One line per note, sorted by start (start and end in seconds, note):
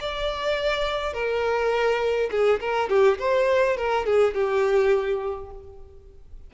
0.00 1.13 D5
1.13 2.30 A#4
2.31 2.60 G#4
2.60 2.89 A#4
2.89 3.19 G4
3.19 3.77 C5
3.77 4.06 A#4
4.06 4.34 G#4
4.34 5.50 G4